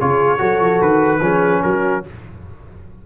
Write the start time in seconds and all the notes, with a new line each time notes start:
0.00 C#3 F4 G#4 C#5
0.38 F#3 F#4 A4
0.60 F3
0.81 D#3 B4
1.20 F3 C#4 G#4
1.62 F#3 F#4 A#4